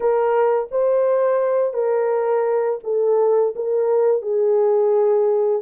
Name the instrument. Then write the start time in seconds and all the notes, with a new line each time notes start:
horn
0.00 A#4
0.71 C5
1.73 A#4
2.83 A4
3.55 A#4
4.22 G#4